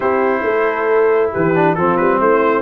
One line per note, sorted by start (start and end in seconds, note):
0.00 0.43 C4
0.00 1.55 E4
0.00 0.43 G4
0.00 1.31 C5
0.43 1.31 A3
0.43 1.32 A4
1.32 1.77 E3
1.32 1.76 G4
1.32 1.74 B4
1.55 1.77 D4
1.74 1.99 F3
1.74 2.62 C4
1.74 2.20 F4
1.74 1.96 A4
1.96 2.19 G3
1.96 2.18 B4
2.19 2.62 A3
2.19 2.62 E4
2.19 2.62 C5